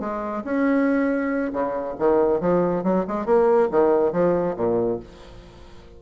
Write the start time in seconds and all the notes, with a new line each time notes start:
0.00 G#3
0.44 C#4
1.53 C#3
1.99 D#3
2.40 F3
2.84 F#3
3.08 G#3
3.26 A#3
3.71 D#3
4.12 F3
4.57 A#2